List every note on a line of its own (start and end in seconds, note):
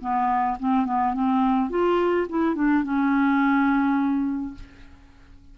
0.00 0.57 B3
0.59 0.85 C4
0.85 1.14 B3
1.14 1.69 C4
1.69 2.26 F4
2.29 2.55 E4
2.55 2.83 D4
2.83 4.54 C#4